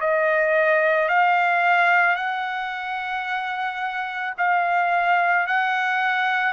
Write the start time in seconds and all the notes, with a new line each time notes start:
0.00 D#5
1.08 F5
2.15 F#5
4.37 F5
5.46 F#5